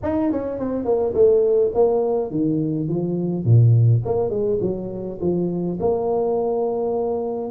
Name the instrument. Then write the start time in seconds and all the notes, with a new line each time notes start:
tuba
0.02 D#4
0.31 C#4
0.59 C4
0.84 A#3
1.14 A3
1.74 A#3
2.31 D#3
2.88 F3
3.45 A#2
4.05 A#3
4.30 G#3
4.61 F#3
5.21 F3
5.80 A#3